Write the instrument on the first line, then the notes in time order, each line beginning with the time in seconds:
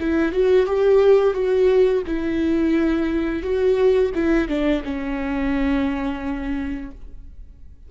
viola
0.00 E4
0.32 F#4
0.66 G4
1.34 F#4
2.07 E4
3.43 F#4
4.14 E4
4.48 D4
4.84 C#4